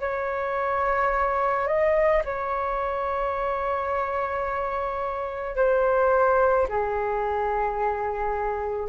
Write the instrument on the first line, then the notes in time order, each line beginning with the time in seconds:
flute
0.00 C#5
1.67 D#5
2.24 C#5
5.56 C5
6.68 G#4